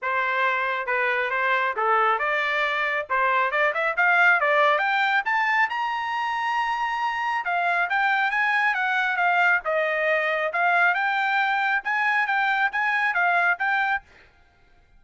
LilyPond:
\new Staff \with { instrumentName = "trumpet" } { \time 4/4 \tempo 4 = 137 c''2 b'4 c''4 | a'4 d''2 c''4 | d''8 e''8 f''4 d''4 g''4 | a''4 ais''2.~ |
ais''4 f''4 g''4 gis''4 | fis''4 f''4 dis''2 | f''4 g''2 gis''4 | g''4 gis''4 f''4 g''4 | }